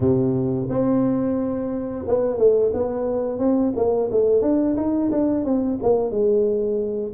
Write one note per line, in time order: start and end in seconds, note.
0.00 0.68 C3
0.69 2.05 C4
2.07 2.38 B3
2.38 2.72 A3
2.73 3.38 B3
3.38 3.73 C4
3.76 4.10 A#3
4.11 4.41 A3
4.41 4.75 D4
4.76 5.10 D#4
5.11 5.45 D4
5.45 5.79 C4
5.82 6.10 A#3
6.10 7.12 G#3